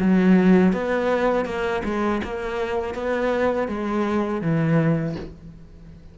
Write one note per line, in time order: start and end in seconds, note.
0.00 0.73 F#3
0.73 1.45 B3
1.45 1.82 A#3
1.85 2.22 G#3
2.24 2.95 A#3
2.95 3.68 B3
3.68 4.42 G#3
4.42 5.16 E3